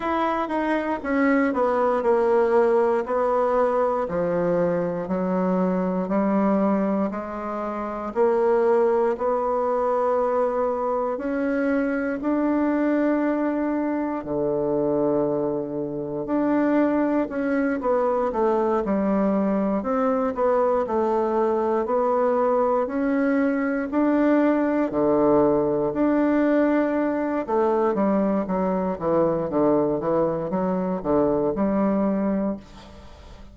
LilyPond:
\new Staff \with { instrumentName = "bassoon" } { \time 4/4 \tempo 4 = 59 e'8 dis'8 cis'8 b8 ais4 b4 | f4 fis4 g4 gis4 | ais4 b2 cis'4 | d'2 d2 |
d'4 cis'8 b8 a8 g4 c'8 | b8 a4 b4 cis'4 d'8~ | d'8 d4 d'4. a8 g8 | fis8 e8 d8 e8 fis8 d8 g4 | }